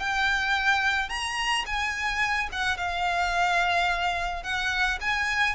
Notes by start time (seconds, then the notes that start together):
0.00 G5
1.10 A#5
1.66 G#5
2.53 F#5
2.78 F5
4.44 F#5
5.01 G#5